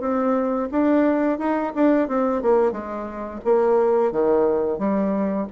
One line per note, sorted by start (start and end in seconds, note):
0.00 0.68 C4
0.71 1.38 D4
1.38 1.72 D#4
1.75 2.08 D4
2.08 2.42 C4
2.42 2.72 A#3
2.72 3.40 G#3
3.44 4.12 A#3
4.12 4.78 D#3
4.78 5.46 G3